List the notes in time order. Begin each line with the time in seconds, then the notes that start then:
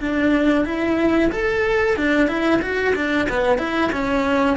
0.00 D4
0.65 E4
1.31 A4
1.96 D4
2.28 E4
2.61 F#4
2.95 D4
3.29 B3
3.58 E4
3.92 C#4